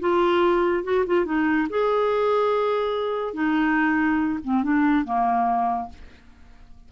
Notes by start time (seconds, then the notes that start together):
0.00 F4
0.84 F#4
1.06 F4
1.25 D#4
1.70 G#4
3.34 D#4
4.44 C4
4.63 D4
5.05 A#3